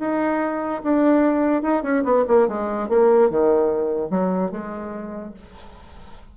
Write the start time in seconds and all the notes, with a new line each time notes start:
0.00 D#4
0.84 D4
1.63 D#4
1.83 C#4
2.04 B3
2.28 A#3
2.49 G#3
2.89 A#3
3.30 D#3
4.11 F#3
4.52 G#3